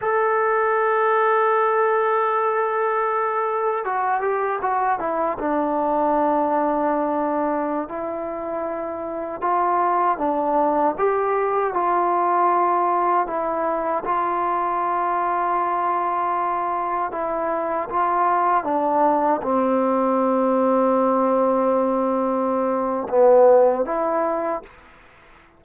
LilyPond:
\new Staff \with { instrumentName = "trombone" } { \time 4/4 \tempo 4 = 78 a'1~ | a'4 fis'8 g'8 fis'8 e'8 d'4~ | d'2~ d'16 e'4.~ e'16~ | e'16 f'4 d'4 g'4 f'8.~ |
f'4~ f'16 e'4 f'4.~ f'16~ | f'2~ f'16 e'4 f'8.~ | f'16 d'4 c'2~ c'8.~ | c'2 b4 e'4 | }